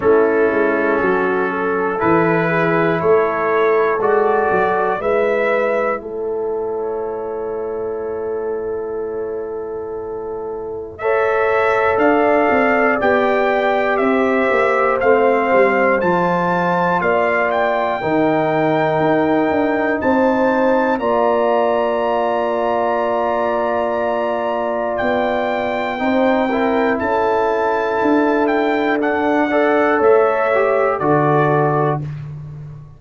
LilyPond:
<<
  \new Staff \with { instrumentName = "trumpet" } { \time 4/4 \tempo 4 = 60 a'2 b'4 cis''4 | d''4 e''4 cis''2~ | cis''2. e''4 | f''4 g''4 e''4 f''4 |
a''4 f''8 g''2~ g''8 | a''4 ais''2.~ | ais''4 g''2 a''4~ | a''8 g''8 fis''4 e''4 d''4 | }
  \new Staff \with { instrumentName = "horn" } { \time 4/4 e'4 fis'8 a'4 gis'8 a'4~ | a'4 b'4 a'2~ | a'2. cis''4 | d''2 c''2~ |
c''4 d''4 ais'2 | c''4 d''2.~ | d''2 c''8 ais'8 a'4~ | a'4. d''8 cis''4 a'4 | }
  \new Staff \with { instrumentName = "trombone" } { \time 4/4 cis'2 e'2 | fis'4 e'2.~ | e'2. a'4~ | a'4 g'2 c'4 |
f'2 dis'2~ | dis'4 f'2.~ | f'2 dis'8 e'4.~ | e'4 d'8 a'4 g'8 fis'4 | }
  \new Staff \with { instrumentName = "tuba" } { \time 4/4 a8 gis8 fis4 e4 a4 | gis8 fis8 gis4 a2~ | a1 | d'8 c'8 b4 c'8 ais8 a8 g8 |
f4 ais4 dis4 dis'8 d'8 | c'4 ais2.~ | ais4 b4 c'4 cis'4 | d'2 a4 d4 | }
>>